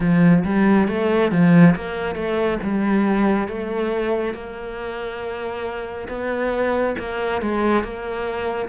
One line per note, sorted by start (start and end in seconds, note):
0.00 0.43 F3
0.44 0.88 G3
0.88 1.31 A3
1.31 1.75 F3
1.75 2.15 A#3
2.15 2.58 A3
2.62 3.48 G3
3.48 4.34 A3
4.34 6.08 A#3
6.08 6.95 B3
6.98 7.42 A#3
7.42 7.83 G#3
7.83 8.68 A#3